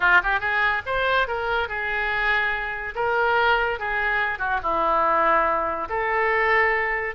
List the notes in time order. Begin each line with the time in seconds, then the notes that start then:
0.00 F4
0.23 G4
0.40 G#4
0.86 C5
1.27 A#4
1.68 G#4
2.95 A#4
3.79 G#4
4.38 F#4
4.62 E4
5.89 A4